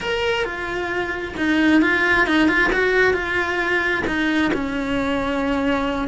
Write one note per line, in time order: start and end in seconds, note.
0.00 0.44 A#4
0.44 1.35 F4
1.37 1.81 D#4
1.81 2.26 F4
2.26 2.48 D#4
2.48 2.71 F4
2.72 3.13 F#4
3.13 4.03 F4
4.06 4.51 D#4
4.53 6.08 C#4